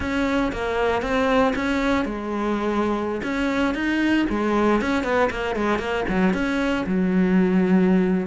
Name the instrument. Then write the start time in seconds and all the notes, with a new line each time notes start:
cello
0.00 C#4
0.52 A#3
1.02 C4
1.55 C#4
2.05 G#3
3.23 C#4
3.74 D#4
4.29 G#3
4.81 C#4
5.03 B3
5.30 A#3
5.55 G#3
5.78 A#3
6.08 F#3
6.33 C#4
6.86 F#3